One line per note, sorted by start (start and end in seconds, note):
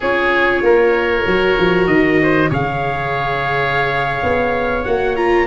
0.00 0.62 C#4
0.00 1.26 F4
0.00 0.62 G#4
0.00 1.87 C#5
0.62 1.25 A#3
0.62 2.20 A#4
1.26 1.57 F#3
1.26 2.50 F#4
1.58 1.86 F3
1.86 2.49 D#3
1.86 2.49 D#5
2.22 2.49 C5
2.49 4.22 C#3
2.49 4.84 G#4
2.49 5.46 C#5
2.49 4.84 F5
4.22 4.85 B3
4.84 5.46 A#3
4.84 5.16 F#4
4.84 5.15 F#5
5.16 5.46 F4
5.16 5.46 A#5